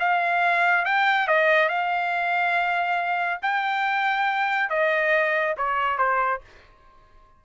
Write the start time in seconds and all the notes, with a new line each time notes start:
0.00 F5
0.86 G5
1.28 D#5
1.69 F5
3.42 G5
4.70 D#5
5.58 C#5
5.98 C5